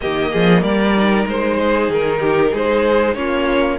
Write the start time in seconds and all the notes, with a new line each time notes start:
0.01 D#3 A#3 G4 D#5
0.32 F3 G#4
0.62 G3 A#4 D5
0.96 D#4
1.26 G#3 C5
1.57 G#4
1.88 D#3 A#4
2.19 G4
2.51 G#3 G#4 C5
3.14 A#3 C#4 F4 C#5